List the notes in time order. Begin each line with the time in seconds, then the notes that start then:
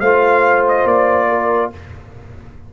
0.00 A3 F4 C5 F5
0.68 D#5
0.85 A#3 D5
1.29 A#4